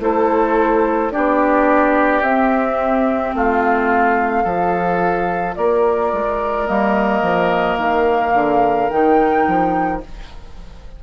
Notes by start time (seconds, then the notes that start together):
0.00 A3 E4 A4 C5
1.11 B3 D4 G4 D5
2.22 C4 E5
3.34 A3 F4 F5
4.44 F3 F4 A4
5.56 A#3 A#4 D5
6.13 G#3
6.67 G3 A#3 D#5
7.22 F3
7.78 D#3 F5
8.34 D3
8.90 D#3 D#4 G5
9.48 F3